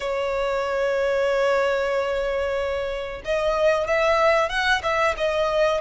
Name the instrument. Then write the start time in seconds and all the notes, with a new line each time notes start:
violin
0.00 C#5
3.24 D#5
3.87 E5
4.49 F#5
4.82 E5
5.17 D#5